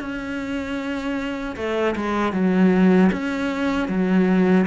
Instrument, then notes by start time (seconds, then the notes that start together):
cello
0.00 C#4
1.56 A3
1.96 G#3
2.32 F#3
3.12 C#4
3.88 F#3